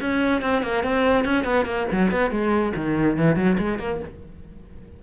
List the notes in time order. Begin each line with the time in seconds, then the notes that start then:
0.00 C#4
0.41 C4
0.62 A#3
0.83 C4
1.25 C#4
1.44 B3
1.65 A#3
1.91 F#3
2.11 B3
2.30 G#3
2.76 D#3
3.17 E3
3.36 F#3
3.58 G#3
3.79 A#3